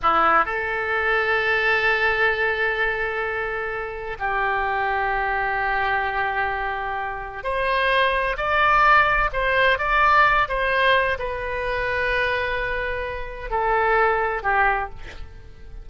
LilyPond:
\new Staff \with { instrumentName = "oboe" } { \time 4/4 \tempo 4 = 129 e'4 a'2.~ | a'1~ | a'4 g'2.~ | g'1 |
c''2 d''2 | c''4 d''4. c''4. | b'1~ | b'4 a'2 g'4 | }